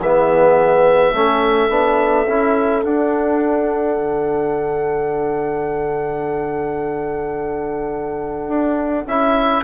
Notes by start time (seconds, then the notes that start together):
0.00 E3 B3 G#4 E5
1.13 A3 C#4 A4
1.69 B3 D4
2.27 C#4 E4
2.83 D4 F#5
3.97 D3
8.49 D4
9.06 C#4 E4 E5